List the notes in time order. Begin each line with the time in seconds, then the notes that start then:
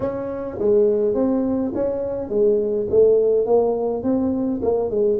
0.00 C#4
0.58 G#3
1.14 C4
1.74 C#4
2.29 G#3
2.90 A3
3.46 A#3
4.03 C4
4.62 A#3
4.90 G#3